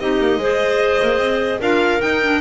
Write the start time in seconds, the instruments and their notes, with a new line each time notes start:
0.00 double bass C4, clarinet D#4 G4, violin D#5
0.20 double bass A#3
0.37 double bass G#3, clarinet G#4 C5
1.03 double bass A#3
1.18 double bass C4
1.60 double bass D4, clarinet F4 A#4, violin F5
2.00 clarinet D#4, double bass D#4, violin G5
2.23 clarinet D4